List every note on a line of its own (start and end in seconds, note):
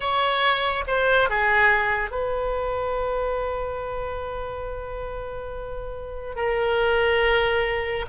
0.00 0.84 C#5
0.87 1.29 C5
1.29 2.11 G#4
2.11 6.35 B4
6.35 8.05 A#4